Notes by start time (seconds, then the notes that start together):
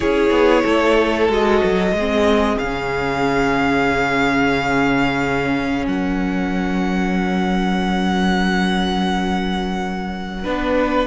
0.00 C#4 E4 G#4 C#5
0.30 B3
0.63 A3 A4
1.28 G#3 F#4 D#5
1.63 F#3
1.91 G#3 G#4
1.99 C4
2.58 C#3 F5
2.65 C#4
5.87 F#3 A#4 F#5
10.43 B3 D4 B4